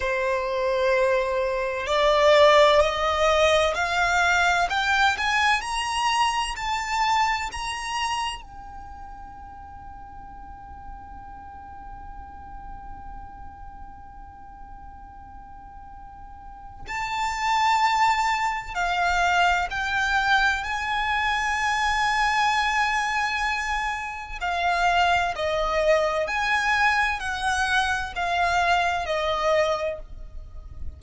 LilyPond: \new Staff \with { instrumentName = "violin" } { \time 4/4 \tempo 4 = 64 c''2 d''4 dis''4 | f''4 g''8 gis''8 ais''4 a''4 | ais''4 g''2.~ | g''1~ |
g''2 a''2 | f''4 g''4 gis''2~ | gis''2 f''4 dis''4 | gis''4 fis''4 f''4 dis''4 | }